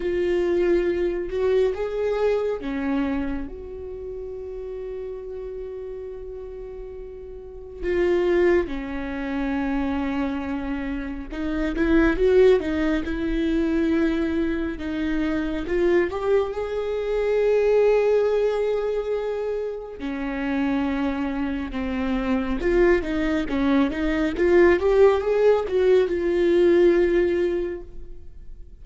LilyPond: \new Staff \with { instrumentName = "viola" } { \time 4/4 \tempo 4 = 69 f'4. fis'8 gis'4 cis'4 | fis'1~ | fis'4 f'4 cis'2~ | cis'4 dis'8 e'8 fis'8 dis'8 e'4~ |
e'4 dis'4 f'8 g'8 gis'4~ | gis'2. cis'4~ | cis'4 c'4 f'8 dis'8 cis'8 dis'8 | f'8 g'8 gis'8 fis'8 f'2 | }